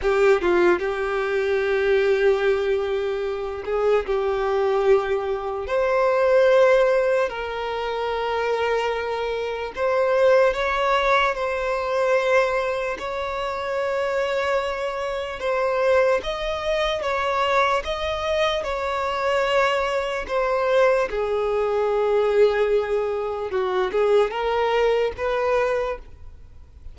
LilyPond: \new Staff \with { instrumentName = "violin" } { \time 4/4 \tempo 4 = 74 g'8 f'8 g'2.~ | g'8 gis'8 g'2 c''4~ | c''4 ais'2. | c''4 cis''4 c''2 |
cis''2. c''4 | dis''4 cis''4 dis''4 cis''4~ | cis''4 c''4 gis'2~ | gis'4 fis'8 gis'8 ais'4 b'4 | }